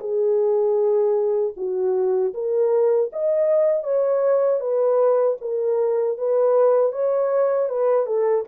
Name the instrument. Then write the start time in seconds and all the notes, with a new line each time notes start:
horn
0.00 G#4
1.57 F#4
2.34 A#4
3.13 D#5
3.84 C#5
4.60 B4
5.41 A#4
6.18 B4
6.93 C#5
7.69 B4
8.06 A4